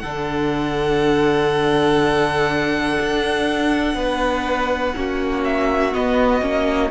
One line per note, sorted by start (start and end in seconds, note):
0.00 2.98 D3
0.00 4.95 D4
0.00 3.96 A4
0.00 5.41 F#5
3.00 3.95 D4
3.95 4.93 B3
3.95 4.96 B4
4.95 5.95 A#3
4.95 5.93 C#4
4.95 6.91 F#4
5.45 5.94 E5
5.93 6.41 B3
5.93 6.42 B3
5.93 6.91 D#5
6.41 6.91 A#3
6.41 6.91 C#4